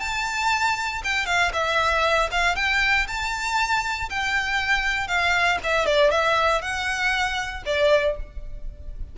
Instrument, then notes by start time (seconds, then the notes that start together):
violin
0.00 A5
1.04 G5
1.26 F5
1.53 E5
2.31 F5
2.56 G5
3.07 A5
4.09 G5
5.08 F5
5.63 E5
5.86 D5
6.11 E5
6.61 F#5
7.65 D5